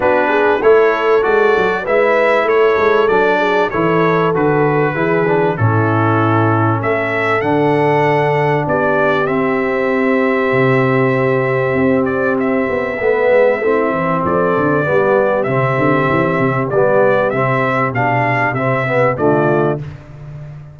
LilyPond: <<
  \new Staff \with { instrumentName = "trumpet" } { \time 4/4 \tempo 4 = 97 b'4 cis''4 d''4 e''4 | cis''4 d''4 cis''4 b'4~ | b'4 a'2 e''4 | fis''2 d''4 e''4~ |
e''2.~ e''8 d''8 | e''2. d''4~ | d''4 e''2 d''4 | e''4 f''4 e''4 d''4 | }
  \new Staff \with { instrumentName = "horn" } { \time 4/4 fis'8 gis'8 a'2 b'4 | a'4. gis'8 a'2 | gis'4 e'2 a'4~ | a'2 g'2~ |
g'1~ | g'4 b'4 e'4 a'4 | g'1~ | g'2. f'4 | }
  \new Staff \with { instrumentName = "trombone" } { \time 4/4 d'4 e'4 fis'4 e'4~ | e'4 d'4 e'4 fis'4 | e'8 d'8 cis'2. | d'2. c'4~ |
c'1~ | c'4 b4 c'2 | b4 c'2 b4 | c'4 d'4 c'8 b8 a4 | }
  \new Staff \with { instrumentName = "tuba" } { \time 4/4 b4 a4 gis8 fis8 gis4 | a8 gis8 fis4 e4 d4 | e4 a,2 a4 | d2 b4 c'4~ |
c'4 c2 c'4~ | c'8 b8 a8 gis8 a8 e8 f8 d8 | g4 c8 d8 e8 c8 g4 | c4 b,4 c4 d4 | }
>>